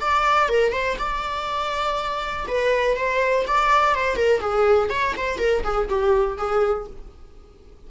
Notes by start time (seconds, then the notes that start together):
0.00 D5
0.49 A#4
0.72 C5
0.99 D5
2.47 B4
2.97 C5
3.47 D5
3.94 C5
4.16 A#4
4.40 G#4
4.89 C#5
5.16 C5
5.38 A#4
5.63 G#4
5.88 G4
6.37 G#4